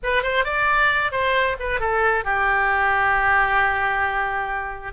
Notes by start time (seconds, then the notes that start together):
0.03 B4
0.23 C5
0.44 D5
1.11 C5
1.59 B4
1.80 A4
2.24 G4